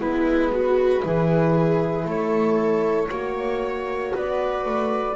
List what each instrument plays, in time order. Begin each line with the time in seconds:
0.00 double bass G#3, horn B3, viola E4, flute B4
0.52 viola F#4
1.01 double bass E3, horn E4, viola G#4
2.06 double bass A3, viola A4, flute C#5
3.10 double bass A#3, horn F#4, viola C#5
4.15 double bass B3, viola B4, flute D5
4.66 double bass A3